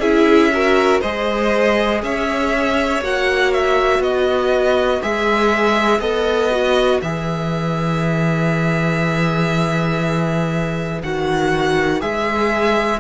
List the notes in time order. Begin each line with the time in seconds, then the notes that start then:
0.00 C#4 E4 G#4 E5
0.53 F#4 A#4
1.01 G#3 G#4 C5 D#5
2.03 C#4 C#5 E5
3.01 A#3 F#4 F#5
3.54 E5
4.00 B3 B4 D#5
5.02 G#3 G#4 E5
6.00 B3 A4 D#5
6.51 F#4
7.02 E3 G#4 E5
11.04 D#3 F#4 F#5
12.01 G#3 G#4 E5